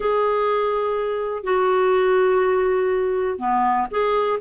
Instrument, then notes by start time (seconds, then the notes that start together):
clarinet
0.00 G#4
1.43 F#4
3.38 B3
3.90 G#4